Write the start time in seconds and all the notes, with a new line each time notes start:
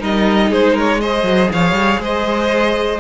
0.00 G3 D#4 A#4 D#5
0.50 G#3 G#4 C5
0.73 A#4 C#5
1.01 G#4 C5 D#5
1.23 F#3
1.52 F3 C#5 F5
1.72 G3
1.99 G#3 C5 D#5